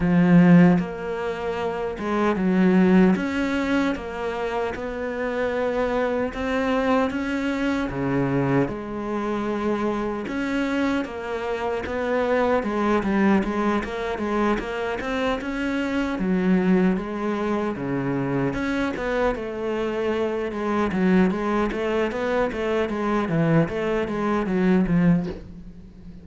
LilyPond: \new Staff \with { instrumentName = "cello" } { \time 4/4 \tempo 4 = 76 f4 ais4. gis8 fis4 | cis'4 ais4 b2 | c'4 cis'4 cis4 gis4~ | gis4 cis'4 ais4 b4 |
gis8 g8 gis8 ais8 gis8 ais8 c'8 cis'8~ | cis'8 fis4 gis4 cis4 cis'8 | b8 a4. gis8 fis8 gis8 a8 | b8 a8 gis8 e8 a8 gis8 fis8 f8 | }